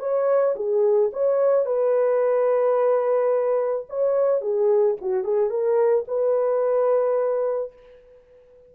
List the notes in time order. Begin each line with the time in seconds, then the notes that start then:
0.00 C#5
0.56 G#4
1.13 C#5
1.66 B4
3.90 C#5
4.41 G#4
5.02 F#4
5.24 G#4
5.50 A#4
6.08 B4